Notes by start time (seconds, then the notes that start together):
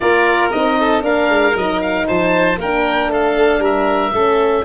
0.00 A#3 F4 A#4 D5
0.51 C4 D#4 D#5
0.79 A4
1.01 A#3 D4 A#4 F5
1.29 G#3
1.53 F#3 D#4 D#5
1.81 F5
2.07 F3 C5 A5
2.57 A#3 D4 A#4 G5
3.07 A3 A4 F5
3.59 G3 A#4 E5
4.12 A3 C#4 A4